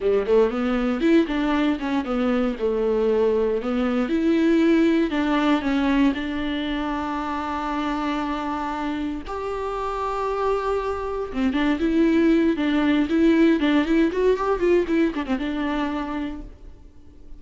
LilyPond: \new Staff \with { instrumentName = "viola" } { \time 4/4 \tempo 4 = 117 g8 a8 b4 e'8 d'4 cis'8 | b4 a2 b4 | e'2 d'4 cis'4 | d'1~ |
d'2 g'2~ | g'2 c'8 d'8 e'4~ | e'8 d'4 e'4 d'8 e'8 fis'8 | g'8 f'8 e'8 d'16 c'16 d'2 | }